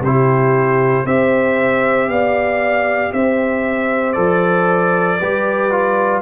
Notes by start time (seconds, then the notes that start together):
0.00 C3 E4 G4 C5
1.04 C4 G4 C5 E5
2.08 B3 D5 F5
3.12 C4 C5 E5
4.12 F3 A4 D5
5.19 G3 G4 B4
5.71 F4